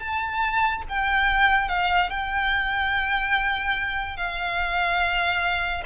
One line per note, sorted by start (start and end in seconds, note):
0.00 0.83 A5
0.89 1.69 G5
1.69 2.10 F5
2.10 4.17 G5
4.17 5.84 F5